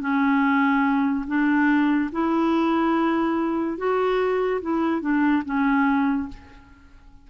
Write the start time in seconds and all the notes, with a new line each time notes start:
0.00 C#4
1.27 D4
2.12 E4
3.77 F#4
4.61 E4
5.01 D4
5.45 C#4